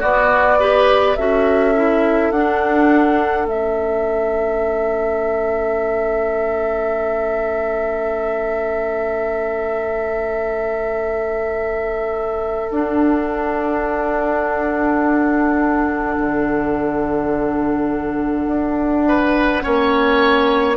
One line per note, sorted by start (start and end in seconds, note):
0.00 1.17 B3
0.00 0.60 B3
0.00 0.58 F#4
0.00 1.16 D5
0.60 1.17 G4
0.60 1.18 B4
1.16 2.31 C#4
1.16 1.75 F#4
1.16 19.06 A4
1.16 2.31 E5
1.75 2.33 E4
2.31 3.46 D4
2.31 3.48 D4
2.31 3.47 F#5
3.46 12.69 A3
3.46 12.71 C#4
3.46 12.70 E5
12.70 16.17 D4
12.70 19.62 D4
12.70 20.77 F#5
16.17 18.47 D3
18.47 19.62 D4
19.08 19.63 B4
19.62 20.77 A#3
19.62 20.77 C#4
19.62 20.77 C#5